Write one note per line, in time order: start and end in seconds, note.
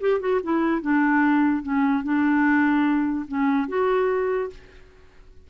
0.00 0.20 G4
0.20 0.40 F#4
0.43 0.81 E4
0.81 1.63 D4
1.63 2.03 C#4
2.03 3.26 D4
3.28 3.68 C#4
3.68 4.50 F#4